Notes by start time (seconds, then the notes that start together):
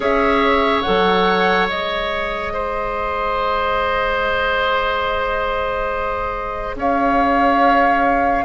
0.00 C#4 G#4 C#5 E5
0.82 F#3 A4 F#5
1.69 G#3 G#4 D#5
2.53 C5
6.75 C#4 C#5 F5